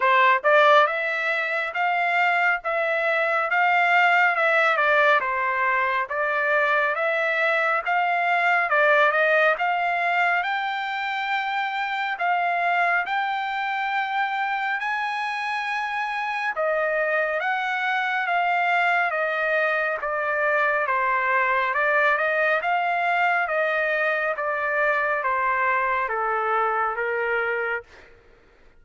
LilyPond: \new Staff \with { instrumentName = "trumpet" } { \time 4/4 \tempo 4 = 69 c''8 d''8 e''4 f''4 e''4 | f''4 e''8 d''8 c''4 d''4 | e''4 f''4 d''8 dis''8 f''4 | g''2 f''4 g''4~ |
g''4 gis''2 dis''4 | fis''4 f''4 dis''4 d''4 | c''4 d''8 dis''8 f''4 dis''4 | d''4 c''4 a'4 ais'4 | }